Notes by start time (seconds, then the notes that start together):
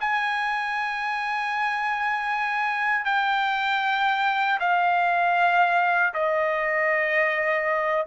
0.00 G#5
3.05 G5
4.59 F5
6.14 D#5